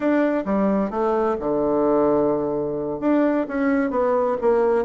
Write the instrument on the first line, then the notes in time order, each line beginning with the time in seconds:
bassoon
0.00 D4
0.45 G3
0.90 A3
1.39 D3
3.00 D4
3.47 C#4
3.90 B3
4.41 A#3